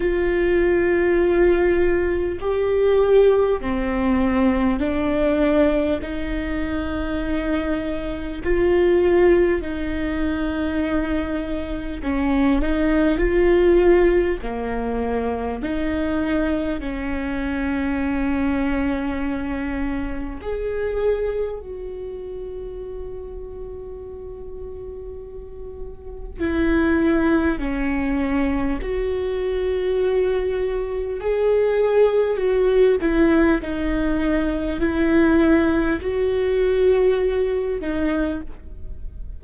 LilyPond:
\new Staff \with { instrumentName = "viola" } { \time 4/4 \tempo 4 = 50 f'2 g'4 c'4 | d'4 dis'2 f'4 | dis'2 cis'8 dis'8 f'4 | ais4 dis'4 cis'2~ |
cis'4 gis'4 fis'2~ | fis'2 e'4 cis'4 | fis'2 gis'4 fis'8 e'8 | dis'4 e'4 fis'4. dis'8 | }